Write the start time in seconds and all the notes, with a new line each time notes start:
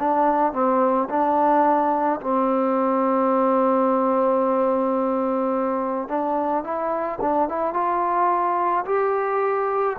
0.00 D4
0.53 C4
1.10 D4
2.21 C4
6.09 D4
6.64 E4
7.21 D4
7.49 E4
7.74 F4
8.86 G4